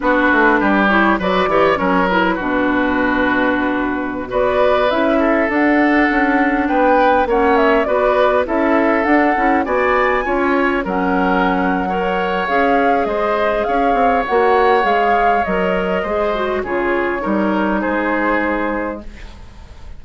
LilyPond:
<<
  \new Staff \with { instrumentName = "flute" } { \time 4/4 \tempo 4 = 101 b'4. cis''8 d''4 cis''8 b'8~ | b'2.~ b'16 d''8.~ | d''16 e''4 fis''2 g''8.~ | g''16 fis''8 e''8 d''4 e''4 fis''8.~ |
fis''16 gis''2 fis''4.~ fis''16~ | fis''4 f''4 dis''4 f''4 | fis''4 f''4 dis''2 | cis''2 c''2 | }
  \new Staff \with { instrumentName = "oboe" } { \time 4/4 fis'4 g'4 b'8 cis''8 ais'4 | fis'2.~ fis'16 b'8.~ | b'8. a'2~ a'8 b'8.~ | b'16 cis''4 b'4 a'4.~ a'16~ |
a'16 d''4 cis''4 ais'4.~ ais'16 | cis''2 c''4 cis''4~ | cis''2. c''4 | gis'4 ais'4 gis'2 | }
  \new Staff \with { instrumentName = "clarinet" } { \time 4/4 d'4. e'8 fis'8 g'8 cis'8 e'8 | d'2.~ d'16 fis'8.~ | fis'16 e'4 d'2~ d'8.~ | d'16 cis'4 fis'4 e'4 d'8 e'16~ |
e'16 fis'4 f'4 cis'4.~ cis'16 | ais'4 gis'2. | fis'4 gis'4 ais'4 gis'8 fis'8 | f'4 dis'2. | }
  \new Staff \with { instrumentName = "bassoon" } { \time 4/4 b8 a8 g4 fis8 e8 fis4 | b,2.~ b,16 b8.~ | b16 cis'4 d'4 cis'4 b8.~ | b16 ais4 b4 cis'4 d'8 cis'16~ |
cis'16 b4 cis'4 fis4.~ fis16~ | fis4 cis'4 gis4 cis'8 c'8 | ais4 gis4 fis4 gis4 | cis4 g4 gis2 | }
>>